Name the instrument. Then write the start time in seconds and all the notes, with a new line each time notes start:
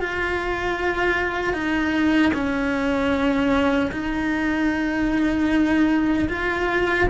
cello
0.00 F4
1.53 D#4
2.33 C#4
3.92 D#4
6.29 F4